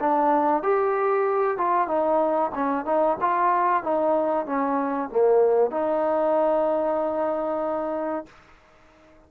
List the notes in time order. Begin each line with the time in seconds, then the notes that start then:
0.00 D4
0.63 G4
1.58 F4
1.88 D#4
2.55 C#4
2.85 D#4
3.21 F4
3.83 D#4
4.46 C#4
5.10 A#3
5.71 D#4